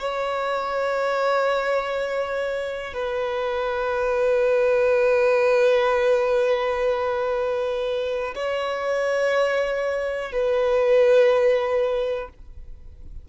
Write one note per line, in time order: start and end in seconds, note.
0.00 2.94 C#5
2.94 8.35 B4
8.35 10.32 C#5
10.32 12.29 B4